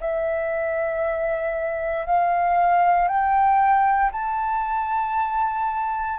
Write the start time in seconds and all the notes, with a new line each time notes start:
0.00 E5
2.06 F5
3.08 G5
4.12 A5